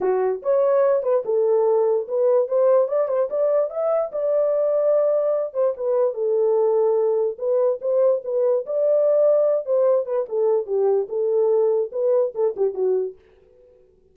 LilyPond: \new Staff \with { instrumentName = "horn" } { \time 4/4 \tempo 4 = 146 fis'4 cis''4. b'8 a'4~ | a'4 b'4 c''4 d''8 c''8 | d''4 e''4 d''2~ | d''4. c''8 b'4 a'4~ |
a'2 b'4 c''4 | b'4 d''2~ d''8 c''8~ | c''8 b'8 a'4 g'4 a'4~ | a'4 b'4 a'8 g'8 fis'4 | }